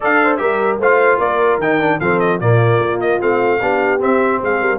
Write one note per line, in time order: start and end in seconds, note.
0.00 0.40 D4
0.00 0.38 A4
0.00 0.20 D5
0.00 0.37 F5
0.23 0.40 C5
0.37 0.79 G3
0.37 0.78 G4
0.37 0.79 A#4
0.37 0.77 E5
0.79 1.19 A3
0.79 1.61 F4
0.79 1.18 C5
0.79 1.19 F5
1.18 1.58 A#3
1.18 1.98 A#4
1.18 1.59 D5
1.58 1.98 D#3
1.58 1.80 D#4
1.58 2.00 G5
1.80 2.00 D4
2.00 2.40 F3
2.00 2.41 C4
2.00 2.40 A4
2.00 2.19 F5
2.19 2.39 D#5
2.40 2.78 A#2
2.40 3.19 A#3
2.40 3.60 F4
2.40 3.00 D5
2.78 3.18 A#3
3.00 3.20 D#5
3.19 3.61 A3
3.19 3.59 C4
3.19 4.01 F5
3.61 4.01 B3
3.61 3.99 D4
3.61 4.41 G4
3.99 4.79 C4
3.99 4.41 C4
3.99 4.42 E5
4.41 4.60 G#3
4.41 4.60 G#4
4.41 4.79 F5
4.60 4.79 G3
4.60 4.79 A#4